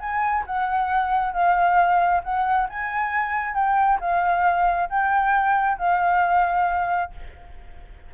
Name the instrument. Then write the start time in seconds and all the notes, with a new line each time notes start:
flute
0.00 G#5
0.47 F#5
1.33 F5
2.24 F#5
2.69 G#5
3.55 G5
4.00 F5
4.90 G5
5.78 F5